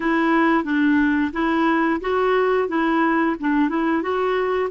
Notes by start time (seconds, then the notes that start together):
0.00 E4
0.64 D4
1.33 E4
2.00 F#4
2.68 E4
3.39 D4
3.69 E4
4.02 F#4